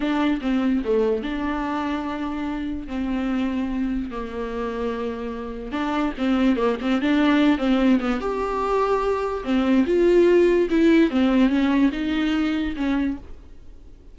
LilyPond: \new Staff \with { instrumentName = "viola" } { \time 4/4 \tempo 4 = 146 d'4 c'4 a4 d'4~ | d'2. c'4~ | c'2 ais2~ | ais2 d'4 c'4 |
ais8 c'8 d'4. c'4 b8 | g'2. c'4 | f'2 e'4 c'4 | cis'4 dis'2 cis'4 | }